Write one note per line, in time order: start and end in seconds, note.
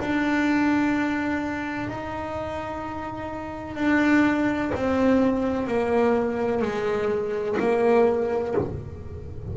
0.00 1.90 D4
1.90 3.77 D#4
3.77 4.72 D4
4.75 5.68 C4
5.68 6.63 A#3
6.63 7.58 G#3
7.60 8.55 A#3